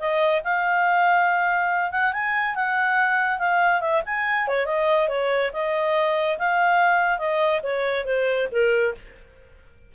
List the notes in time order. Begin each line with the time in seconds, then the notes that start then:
0.00 D#5
0.44 F5
1.92 F#5
2.14 G#5
2.56 F#5
3.39 F5
3.81 E5
4.06 G#5
4.48 C#5
4.66 D#5
5.09 C#5
5.53 D#5
6.39 F5
7.19 D#5
7.63 C#5
8.06 C5
8.52 A#4